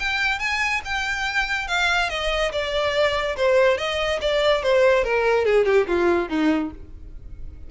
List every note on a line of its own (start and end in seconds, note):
0.00 0.39 G5
0.39 0.81 G#5
0.85 1.68 G5
1.68 2.10 F5
2.10 2.52 D#5
2.52 3.36 D5
3.37 3.78 C5
3.78 4.20 D#5
4.21 4.63 D5
4.63 5.04 C5
5.04 5.46 A#4
5.46 5.66 G#4
5.66 5.87 G4
5.88 6.29 F4
6.29 6.71 D#4